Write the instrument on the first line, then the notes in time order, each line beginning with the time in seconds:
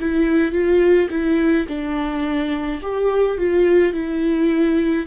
viola
0.00 E4
0.51 F4
1.10 E4
1.67 D4
2.81 G4
3.37 F4
3.93 E4